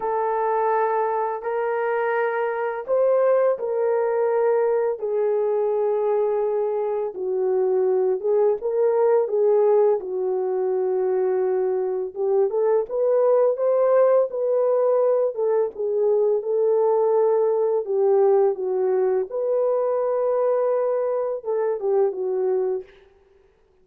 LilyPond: \new Staff \with { instrumentName = "horn" } { \time 4/4 \tempo 4 = 84 a'2 ais'2 | c''4 ais'2 gis'4~ | gis'2 fis'4. gis'8 | ais'4 gis'4 fis'2~ |
fis'4 g'8 a'8 b'4 c''4 | b'4. a'8 gis'4 a'4~ | a'4 g'4 fis'4 b'4~ | b'2 a'8 g'8 fis'4 | }